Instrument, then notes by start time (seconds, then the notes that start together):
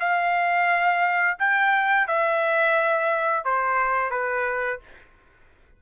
trumpet
0.00 F5
1.39 G5
2.08 E5
3.45 C5
4.11 B4